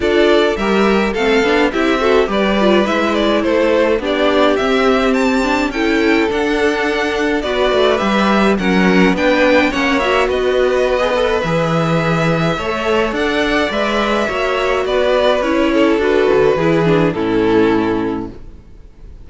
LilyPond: <<
  \new Staff \with { instrumentName = "violin" } { \time 4/4 \tempo 4 = 105 d''4 e''4 f''4 e''4 | d''4 e''8 d''8 c''4 d''4 | e''4 a''4 g''4 fis''4~ | fis''4 d''4 e''4 fis''4 |
g''4 fis''8 e''8 dis''2 | e''2. fis''4 | e''2 d''4 cis''4 | b'2 a'2 | }
  \new Staff \with { instrumentName = "violin" } { \time 4/4 a'4 ais'4 a'4 g'8 a'8 | b'2 a'4 g'4~ | g'2 a'2~ | a'4 b'2 ais'4 |
b'4 cis''4 b'2~ | b'2 cis''4 d''4~ | d''4 cis''4 b'4. a'8~ | a'4 gis'4 e'2 | }
  \new Staff \with { instrumentName = "viola" } { \time 4/4 f'4 g'4 c'8 d'8 e'8 fis'8 | g'8 f'8 e'2 d'4 | c'4. d'8 e'4 d'4~ | d'4 fis'4 g'4 cis'4 |
d'4 cis'8 fis'4.~ fis'16 gis'16 a'8 | gis'2 a'2 | b'4 fis'2 e'4 | fis'4 e'8 d'8 cis'2 | }
  \new Staff \with { instrumentName = "cello" } { \time 4/4 d'4 g4 a8 b8 c'4 | g4 gis4 a4 b4 | c'2 cis'4 d'4~ | d'4 b8 a8 g4 fis4 |
b4 ais4 b2 | e2 a4 d'4 | gis4 ais4 b4 cis'4 | d'8 d8 e4 a,2 | }
>>